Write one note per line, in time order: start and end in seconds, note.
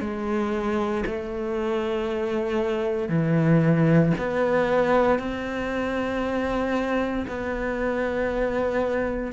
0.00 1.03 G#3
1.06 3.08 A3
3.08 4.12 E3
4.18 5.18 B3
5.18 7.25 C4
7.27 9.32 B3